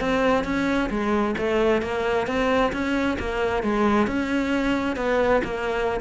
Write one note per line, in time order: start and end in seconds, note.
0.00 0.44 C4
0.44 0.89 C#4
0.90 1.35 G#3
1.38 1.82 A3
1.82 2.27 A#3
2.27 2.72 C4
2.73 3.18 C#4
3.19 3.63 A#3
3.63 4.07 G#3
4.07 4.96 C#4
4.96 5.41 B3
5.44 6.00 A#3